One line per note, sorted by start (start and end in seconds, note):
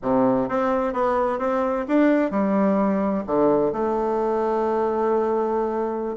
0.02 0.48 C3
0.48 0.93 C4
0.93 1.38 B3
1.38 1.85 C4
1.88 2.30 D4
2.30 3.23 G3
3.26 3.72 D3
3.72 6.16 A3